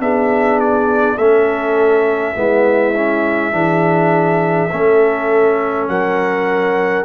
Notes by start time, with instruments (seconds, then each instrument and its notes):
0.00 tuba B3, trombone D4, horn G#4, trumpet E5
0.60 trumpet D5
1.16 tuba A3, trombone C#4, horn A4, trumpet E5
2.36 tuba G#3, trombone B3, horn E4
2.96 trombone C#4
3.52 tuba E3, trombone D4, horn G#4
4.71 tuba A3, trombone C#4, horn A4
5.88 tuba F#3, horn A#4, trumpet F#5